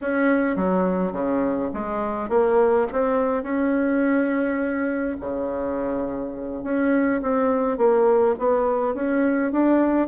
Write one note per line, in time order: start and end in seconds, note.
0.01 0.56 C#4
0.56 1.12 F#3
1.12 1.70 C#3
1.73 2.29 G#3
2.29 2.87 A#3
2.92 3.43 C4
3.43 5.16 C#4
5.20 6.63 C#3
6.63 7.21 C#4
7.21 7.77 C4
7.77 8.35 A#3
8.39 8.94 B3
8.94 9.52 C#4
9.52 10.08 D4